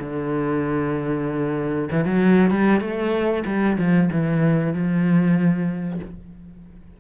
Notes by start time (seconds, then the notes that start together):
0.00 D3
1.91 E3
2.06 F#3
2.51 G3
2.81 A3
3.46 G3
3.79 F3
4.12 E3
4.74 F3